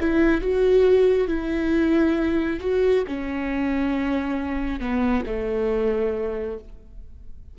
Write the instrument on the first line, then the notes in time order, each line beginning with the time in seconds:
viola
0.00 E4
0.41 F#4
1.28 E4
2.60 F#4
3.07 C#4
4.80 B3
5.26 A3